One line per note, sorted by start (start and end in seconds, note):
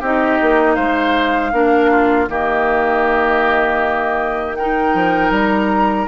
0.00 0.39 C4
0.00 1.53 D#4
0.00 0.75 G4
0.00 0.75 D#5
0.41 0.77 A#3
0.75 1.53 G#3
0.75 1.51 C5
0.75 2.27 F5
1.53 2.28 A#3
1.53 2.28 D4
1.53 1.91 A#4
1.91 2.29 F4
2.28 4.94 D#3
2.28 4.56 A#3
2.28 4.58 G4
2.28 4.55 D#5
4.55 6.08 D#4
4.55 6.08 A#4
4.55 5.31 G5
4.94 5.31 F3
5.31 6.07 G3
5.31 6.08 A#5